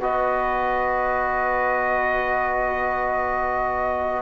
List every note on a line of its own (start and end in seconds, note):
0.00 4.22 B3
0.00 4.22 F#4
0.00 4.22 B4
0.00 4.22 D#5